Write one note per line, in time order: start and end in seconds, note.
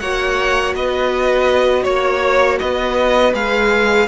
0.00 0.75 A#3
0.00 3.34 F#4
0.00 0.76 C#5
0.00 0.74 F#5
0.75 1.86 B3
0.75 1.83 B4
0.75 1.85 D#5
1.83 2.60 A#3
1.83 2.57 C#5
1.83 2.59 C#5
2.60 3.34 B3
2.60 4.08 B4
2.60 3.34 D#5
3.34 4.08 G#3
3.34 4.08 G#4
3.34 4.08 F5